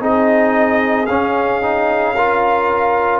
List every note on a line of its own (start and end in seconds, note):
0.00 1.08 C4
0.00 1.07 D#4
0.00 2.15 G#4
0.00 1.06 D#5
1.06 3.20 C#4
1.06 1.62 C#4
1.06 3.20 F5
1.62 2.15 D#4
2.15 3.20 F4
2.15 3.20 A#4